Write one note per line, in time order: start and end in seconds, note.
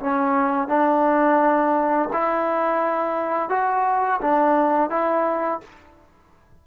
0.00 0.68 C#4
0.68 2.09 D4
2.13 3.49 E4
3.49 4.20 F#4
4.21 4.90 D4
4.90 5.61 E4